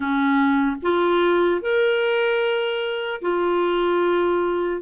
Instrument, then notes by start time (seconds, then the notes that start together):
clarinet
0.00 C#4
0.82 F4
1.61 A#4
3.21 F4